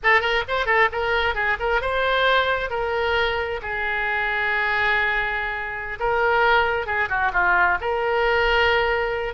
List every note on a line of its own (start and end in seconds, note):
0.03 0.20 A4
0.20 0.43 A#4
0.48 0.66 C5
0.66 0.88 A4
0.92 1.34 A#4
1.34 1.57 G#4
1.59 1.81 A#4
1.81 2.70 C5
2.70 3.60 A#4
3.62 5.99 G#4
5.99 6.86 A#4
6.86 7.08 G#4
7.09 7.31 F#4
7.32 7.77 F4
7.80 9.34 A#4